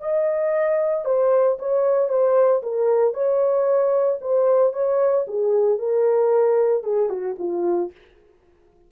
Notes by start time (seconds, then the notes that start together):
0.00 D#5
1.05 C5
1.59 C#5
2.09 C5
2.62 A#4
3.14 C#5
4.21 C5
4.73 C#5
5.27 G#4
5.78 A#4
6.83 G#4
7.09 F#4
7.39 F4